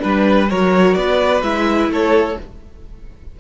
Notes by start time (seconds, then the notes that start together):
0.00 G3 D4 B4
0.50 F#3 F#4 A#4 C#5
0.94 B3 B4 D5
1.42 G#3 E4 E5
1.89 A3 A4 C#5